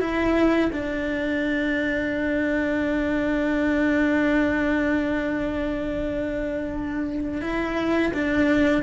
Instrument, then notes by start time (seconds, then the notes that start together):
cello
0.00 E4
0.72 D4
7.41 E4
8.14 D4